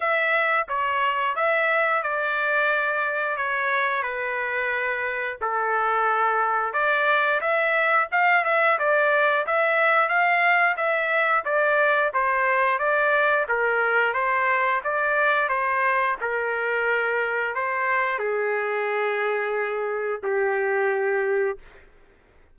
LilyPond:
\new Staff \with { instrumentName = "trumpet" } { \time 4/4 \tempo 4 = 89 e''4 cis''4 e''4 d''4~ | d''4 cis''4 b'2 | a'2 d''4 e''4 | f''8 e''8 d''4 e''4 f''4 |
e''4 d''4 c''4 d''4 | ais'4 c''4 d''4 c''4 | ais'2 c''4 gis'4~ | gis'2 g'2 | }